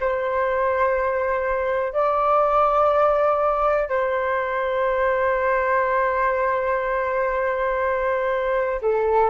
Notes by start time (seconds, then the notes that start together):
0.00 C5
1.93 D5
3.89 C5
8.82 A4